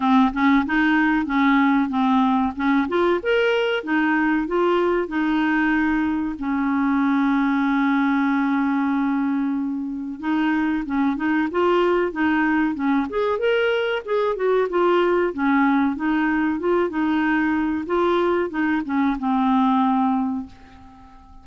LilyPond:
\new Staff \with { instrumentName = "clarinet" } { \time 4/4 \tempo 4 = 94 c'8 cis'8 dis'4 cis'4 c'4 | cis'8 f'8 ais'4 dis'4 f'4 | dis'2 cis'2~ | cis'1 |
dis'4 cis'8 dis'8 f'4 dis'4 | cis'8 gis'8 ais'4 gis'8 fis'8 f'4 | cis'4 dis'4 f'8 dis'4. | f'4 dis'8 cis'8 c'2 | }